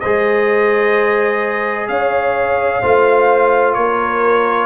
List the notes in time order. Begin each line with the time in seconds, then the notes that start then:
0.00 G#3 G#4 C5 D#5
1.88 C#4 C#5 F5
2.81 A3 F4 C5
3.74 A#3 A#4 C#5